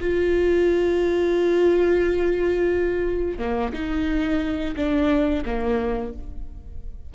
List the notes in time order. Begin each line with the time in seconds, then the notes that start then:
0.00 F4
3.38 A#3
3.73 D#4
4.76 D4
5.45 A#3